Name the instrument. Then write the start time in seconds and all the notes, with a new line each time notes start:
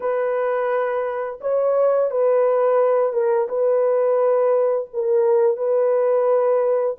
horn
0.00 B4
1.40 C#5
2.11 B4
3.12 A#4
3.48 B4
4.93 A#4
5.57 B4